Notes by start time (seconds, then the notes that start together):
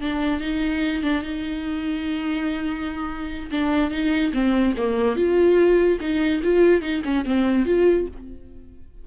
0.00 D4
0.40 D#4
1.03 D4
1.22 D#4
3.51 D4
3.90 D#4
4.33 C4
4.77 A#3
5.16 F4
6.00 D#4
6.43 F4
6.81 D#4
7.04 C#4
7.25 C4
7.65 F4